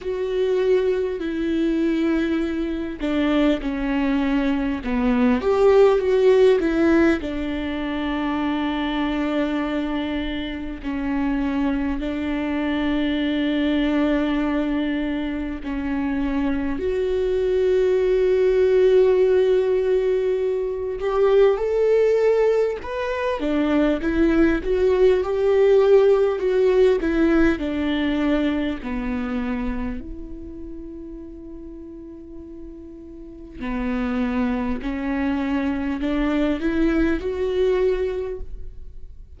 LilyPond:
\new Staff \with { instrumentName = "viola" } { \time 4/4 \tempo 4 = 50 fis'4 e'4. d'8 cis'4 | b8 g'8 fis'8 e'8 d'2~ | d'4 cis'4 d'2~ | d'4 cis'4 fis'2~ |
fis'4. g'8 a'4 b'8 d'8 | e'8 fis'8 g'4 fis'8 e'8 d'4 | b4 e'2. | b4 cis'4 d'8 e'8 fis'4 | }